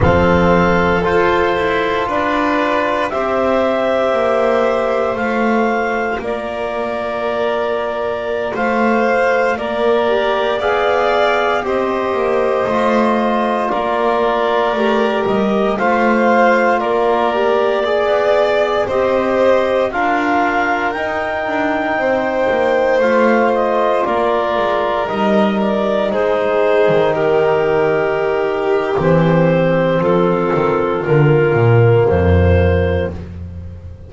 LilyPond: <<
  \new Staff \with { instrumentName = "clarinet" } { \time 4/4 \tempo 4 = 58 f''4 c''4 d''4 e''4~ | e''4 f''4 d''2~ | d''16 f''4 d''4 f''4 dis''8.~ | dis''4~ dis''16 d''4. dis''8 f''8.~ |
f''16 d''2 dis''4 f''8.~ | f''16 g''2 f''8 dis''8 d''8.~ | d''16 dis''8 d''8 c''4 ais'4.~ ais'16 | c''4 a'4 ais'4 c''4 | }
  \new Staff \with { instrumentName = "violin" } { \time 4/4 a'2 b'4 c''4~ | c''2 ais'2~ | ais'16 c''4 ais'4 d''4 c''8.~ | c''4~ c''16 ais'2 c''8.~ |
c''16 ais'4 d''4 c''4 ais'8.~ | ais'4~ ais'16 c''2 ais'8.~ | ais'4~ ais'16 gis'4 g'4.~ g'16~ | g'4 f'2. | }
  \new Staff \with { instrumentName = "trombone" } { \time 4/4 c'4 f'2 g'4~ | g'4 f'2.~ | f'4.~ f'16 g'8 gis'4 g'8.~ | g'16 f'2 g'4 f'8.~ |
f'8. g'8 gis'4 g'4 f'8.~ | f'16 dis'2 f'4.~ f'16~ | f'16 dis'2.~ dis'8. | c'2 ais2 | }
  \new Staff \with { instrumentName = "double bass" } { \time 4/4 f4 f'8 e'8 d'4 c'4 | ais4 a4 ais2~ | ais16 a4 ais4 b4 c'8 ais16~ | ais16 a4 ais4 a8 g8 a8.~ |
a16 ais4~ ais16 b8. c'4 d'8.~ | d'16 dis'8 d'8 c'8 ais8 a4 ais8 gis16~ | gis16 g4 gis8. dis2 | e4 f8 dis8 d8 ais,8 f,4 | }
>>